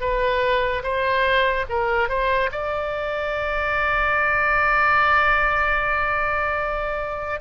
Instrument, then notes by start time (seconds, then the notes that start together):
oboe
0.00 B4
0.83 C5
1.69 A#4
2.08 C5
2.51 D5